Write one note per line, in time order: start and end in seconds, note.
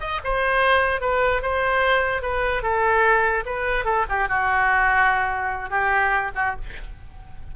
0.00 0.20 D#5
0.24 1.01 C5
1.01 1.42 B4
1.42 2.22 C5
2.22 2.63 B4
2.63 3.44 A4
3.46 3.85 B4
3.85 4.05 A4
4.09 4.28 G4
4.28 5.70 F#4
5.70 6.31 G4
6.35 6.56 F#4